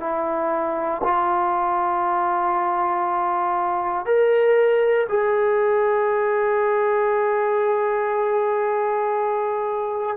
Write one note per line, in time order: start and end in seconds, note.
0.00 1.02 E4
1.04 4.06 F4
4.06 5.08 A#4
5.09 10.17 G#4